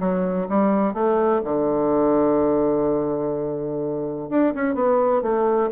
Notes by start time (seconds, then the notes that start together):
0.00 F#3
0.49 G3
0.94 A3
1.44 D3
4.30 D4
4.55 C#4
4.75 B3
5.23 A3